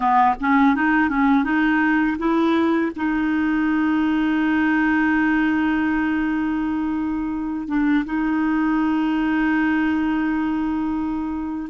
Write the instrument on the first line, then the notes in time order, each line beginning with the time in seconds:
clarinet
0.00 B3
0.40 C#4
0.75 D#4
1.09 C#4
1.44 D#4
2.18 E4
2.96 D#4
7.67 D4
8.05 D#4